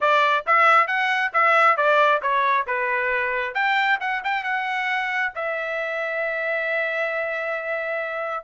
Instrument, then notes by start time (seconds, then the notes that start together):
trumpet
0.00 D5
0.46 E5
0.87 F#5
1.33 E5
1.76 D5
2.22 C#5
2.66 B4
3.54 G5
4.00 F#5
4.24 G5
4.43 F#5
5.35 E5